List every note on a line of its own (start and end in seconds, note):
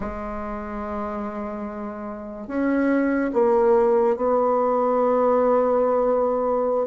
0.00 2.47 G#3
2.47 3.31 C#4
3.33 4.16 A#3
4.16 6.86 B3